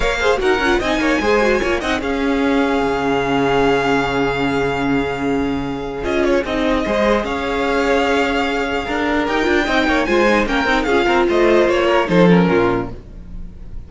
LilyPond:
<<
  \new Staff \with { instrumentName = "violin" } { \time 4/4 \tempo 4 = 149 f''4 fis''4 gis''2~ | gis''8 fis''8 f''2.~ | f''1~ | f''2. dis''8 cis''8 |
dis''2 f''2~ | f''2. g''4~ | g''4 gis''4 g''4 f''4 | dis''4 cis''4 c''8 ais'4. | }
  \new Staff \with { instrumentName = "violin" } { \time 4/4 cis''8 c''8 ais'4 dis''8 cis''8 c''4 | cis''8 dis''8 gis'2.~ | gis'1~ | gis'1~ |
gis'4 c''4 cis''2~ | cis''2 ais'2 | dis''8 cis''8 c''4 ais'4 gis'8 ais'8 | c''4. ais'8 a'4 f'4 | }
  \new Staff \with { instrumentName = "viola" } { \time 4/4 ais'8 gis'8 fis'8 f'8 dis'4 gis'8 fis'8 | f'8 dis'8 cis'2.~ | cis'1~ | cis'2. f'4 |
dis'4 gis'2.~ | gis'2. g'8 f'8 | dis'4 f'8 dis'8 cis'8 dis'8 f'4~ | f'2 dis'8 cis'4. | }
  \new Staff \with { instrumentName = "cello" } { \time 4/4 ais4 dis'8 cis'8 c'8 ais8 gis4 | ais8 c'8 cis'2 cis4~ | cis1~ | cis2. cis'4 |
c'4 gis4 cis'2~ | cis'2 d'4 dis'8 d'8 | c'8 ais8 gis4 ais8 c'8 cis'8 c'8 | a4 ais4 f4 ais,4 | }
>>